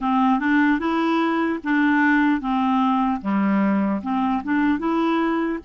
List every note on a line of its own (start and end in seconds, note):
0.00 0.39 C4
0.39 0.79 D4
0.79 1.59 E4
1.63 2.40 D4
2.40 3.20 C4
3.21 4.01 G3
4.02 4.42 C4
4.43 4.79 D4
4.79 5.59 E4